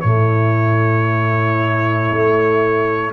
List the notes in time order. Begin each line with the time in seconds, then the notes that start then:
0.00 A2 A3 E4 C#5
2.11 A3